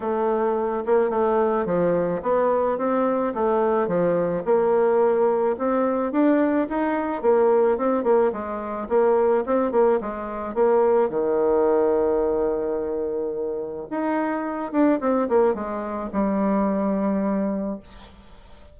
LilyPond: \new Staff \with { instrumentName = "bassoon" } { \time 4/4 \tempo 4 = 108 a4. ais8 a4 f4 | b4 c'4 a4 f4 | ais2 c'4 d'4 | dis'4 ais4 c'8 ais8 gis4 |
ais4 c'8 ais8 gis4 ais4 | dis1~ | dis4 dis'4. d'8 c'8 ais8 | gis4 g2. | }